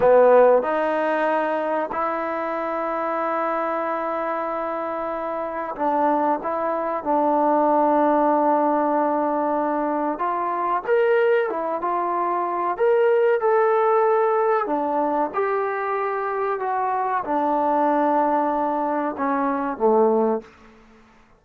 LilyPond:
\new Staff \with { instrumentName = "trombone" } { \time 4/4 \tempo 4 = 94 b4 dis'2 e'4~ | e'1~ | e'4 d'4 e'4 d'4~ | d'1 |
f'4 ais'4 e'8 f'4. | ais'4 a'2 d'4 | g'2 fis'4 d'4~ | d'2 cis'4 a4 | }